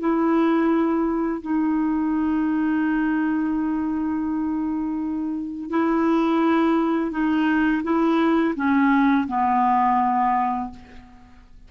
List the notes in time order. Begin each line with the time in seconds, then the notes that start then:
0.00 E4
1.42 D#4
5.70 E4
7.11 D#4
7.83 E4
8.56 C#4
9.28 B3